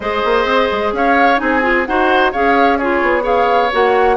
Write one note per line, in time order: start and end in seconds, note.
0.00 0.22 G#3
0.00 1.37 G#4
0.00 0.93 C5
0.00 0.92 D#5
0.25 0.44 A#3
0.44 0.68 C4
0.71 0.92 G#3
0.92 1.39 C#4
0.92 1.41 C#5
0.92 1.38 F5
1.37 1.87 C4
1.37 1.61 D#4
1.37 1.87 G#4
1.37 1.85 G#5
1.62 1.85 F4
1.85 2.34 D#4
1.85 2.32 F#4
1.85 2.32 C5
1.85 2.32 F#5
2.32 3.02 C#4
2.32 2.79 G#4
2.32 2.78 C#5
2.32 2.77 F5
2.77 3.21 F4
2.77 3.23 G#4
2.77 3.23 C#5
3.02 3.72 B3
3.21 3.68 G#4
3.21 4.16 C#5
3.21 3.71 F5
3.72 4.17 A#3
3.72 4.17 F#4
3.72 4.17 F#5